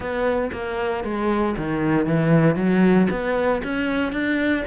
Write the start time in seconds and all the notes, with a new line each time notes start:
0.00 B3
0.52 A#3
1.03 G#3
1.57 D#3
2.05 E3
2.55 F#3
3.10 B3
3.63 C#4
4.12 D4